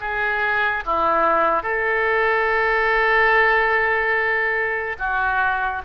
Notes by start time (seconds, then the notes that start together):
0.00 G#4
0.85 E4
1.63 A4
4.98 F#4